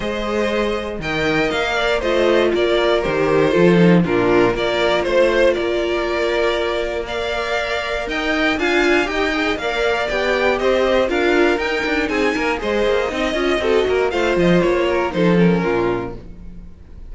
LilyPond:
<<
  \new Staff \with { instrumentName = "violin" } { \time 4/4 \tempo 4 = 119 dis''2 g''4 f''4 | dis''4 d''4 c''2 | ais'4 d''4 c''4 d''4~ | d''2 f''2 |
g''4 gis''4 g''4 f''4 | g''4 dis''4 f''4 g''4 | gis''4 dis''2. | f''8 dis''8 cis''4 c''8 ais'4. | }
  \new Staff \with { instrumentName = "violin" } { \time 4/4 c''2 dis''4. d''8 | c''4 ais'2 a'4 | f'4 ais'4 c''4 ais'4~ | ais'2 d''2 |
dis''4 f''4 dis''4 d''4~ | d''4 c''4 ais'2 | gis'8 ais'8 c''4 dis''4 a'8 ais'8 | c''4. ais'8 a'4 f'4 | }
  \new Staff \with { instrumentName = "viola" } { \time 4/4 gis'2 ais'2 | f'2 g'4 f'8 dis'8 | d'4 f'2.~ | f'2 ais'2~ |
ais'4 f'4 g'8 gis'8 ais'4 | g'2 f'4 dis'4~ | dis'4 gis'4 dis'8 f'8 fis'4 | f'2 dis'8 cis'4. | }
  \new Staff \with { instrumentName = "cello" } { \time 4/4 gis2 dis4 ais4 | a4 ais4 dis4 f4 | ais,4 ais4 a4 ais4~ | ais1 |
dis'4 d'4 dis'4 ais4 | b4 c'4 d'4 dis'8 d'8 | c'8 ais8 gis8 ais8 c'8 cis'8 c'8 ais8 | a8 f8 ais4 f4 ais,4 | }
>>